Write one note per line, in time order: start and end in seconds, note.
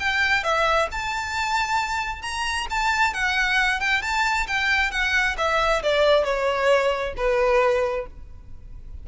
0.00 0.44 G5
0.44 0.89 E5
0.92 2.22 A5
2.22 2.67 A#5
2.70 3.14 A5
3.14 3.80 F#5
3.80 4.02 G5
4.02 4.47 A5
4.48 4.91 G5
4.91 5.36 F#5
5.38 5.83 E5
5.83 6.25 D5
6.25 7.14 C#5
7.17 8.07 B4